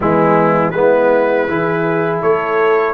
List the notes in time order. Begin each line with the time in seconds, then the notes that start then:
0.00 E3 G#3 B3 E4
0.70 G#3 B3 E4 B4
1.47 E3 E4 G#4
2.22 A3 A4 C#5